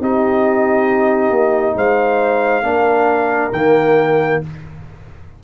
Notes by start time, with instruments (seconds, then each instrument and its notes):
0.00 tuba C4, trombone D#4, horn G4, trumpet D#5
1.30 tuba A#3
1.75 tuba G#3, horn C5, trumpet F5
2.62 tuba A#3, trombone D4, horn A#4
3.52 tuba D#3, trombone A#3, trumpet G5